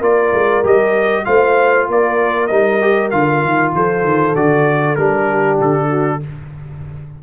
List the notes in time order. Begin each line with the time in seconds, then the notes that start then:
0.00 A#3 F4 A#4 D5
0.32 G#3
0.63 G3 G4 D#5
1.25 A3 F4 C5 F5
1.88 A#3 A#4 D5
2.47 G3 D#4 D#5
2.81 G4
3.10 D3 F4 F5
3.43 D#3
3.74 F3 A4 C5
4.03 D#3
4.35 D3 F#4 D5
4.95 G3 D4 A#4
5.29 G4
5.60 D3 A4
5.89 F#4